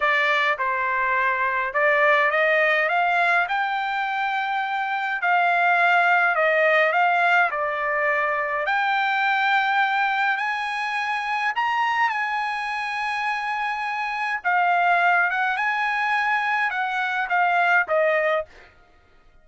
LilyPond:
\new Staff \with { instrumentName = "trumpet" } { \time 4/4 \tempo 4 = 104 d''4 c''2 d''4 | dis''4 f''4 g''2~ | g''4 f''2 dis''4 | f''4 d''2 g''4~ |
g''2 gis''2 | ais''4 gis''2.~ | gis''4 f''4. fis''8 gis''4~ | gis''4 fis''4 f''4 dis''4 | }